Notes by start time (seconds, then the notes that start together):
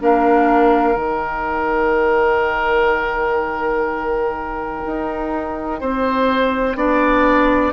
0.00 A#3 D4 A#4 F5
0.94 D#3 D#4 G5
4.86 D#4
5.80 C4 C5
6.75 B3 D4 D5